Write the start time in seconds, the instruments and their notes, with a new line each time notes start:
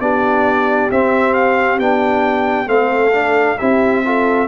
0.00 tuba B3, trombone D4, horn G4, trumpet D5
0.91 tuba C4, trombone C4, trumpet E5
1.34 trumpet F5
1.79 tuba B3, trombone D4, trumpet G5
2.67 tuba A3, trombone C4, horn A4, trumpet F5
3.12 trombone D4
3.58 tuba C4, trombone E4, horn G4, trumpet E5
4.04 trombone F4, horn A4